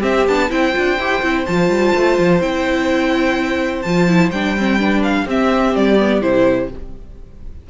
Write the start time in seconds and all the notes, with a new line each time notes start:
0.00 C4 G4 E5
0.27 B3 D4 A5
0.49 C4 E4 C5 G5
0.73 D4 F4
0.98 E4 G4
1.22 C4 E4
1.45 F3 F4 A5
1.69 G3
1.95 A3
2.18 F3
2.40 C4 E4 G5
3.82 F3 F4 A5
4.08 E4
4.30 G3 D4 G5
4.57 C4
4.78 D4 B4
5.03 F5
5.25 C4 G4 E5
5.76 G3 D5
5.98 B3
6.21 C3 E4 C5